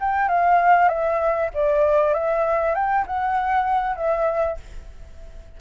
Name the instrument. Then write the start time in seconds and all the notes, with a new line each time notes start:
flute
0.00 G5
0.28 F5
0.88 E5
1.54 D5
2.13 E5
2.75 G5
3.07 F#5
3.96 E5